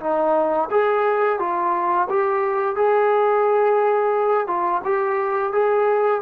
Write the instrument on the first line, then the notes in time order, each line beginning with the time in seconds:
trombone
0.00 D#4
0.71 G#4
1.39 F4
2.09 G4
2.76 G#4
4.47 F4
4.85 G4
5.53 G#4